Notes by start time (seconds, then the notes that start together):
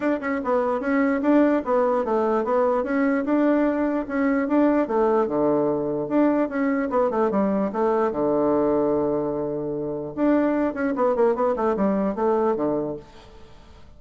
0.00 D4
0.20 C#4
0.44 B3
0.80 C#4
1.22 D4
1.64 B3
2.04 A3
2.44 B3
2.83 C#4
3.24 D4
4.08 C#4
4.48 D4
4.87 A3
5.27 D3
6.08 D4
6.48 C#4
6.90 B3
7.10 A3
7.30 G3
7.72 A3
8.11 D3
10.15 D4
10.74 C#4
10.95 B3
11.15 A#3
11.35 B3
11.55 A3
11.76 G3
12.15 A3
12.55 D3